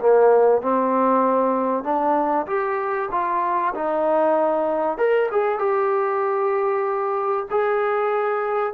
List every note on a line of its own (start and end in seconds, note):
0.00 0.62 A#3
0.62 1.84 C4
1.84 2.46 D4
2.47 3.09 G4
3.11 3.74 F4
3.75 4.98 D#4
4.98 5.29 A#4
5.32 5.59 G#4
5.59 7.46 G4
7.51 8.74 G#4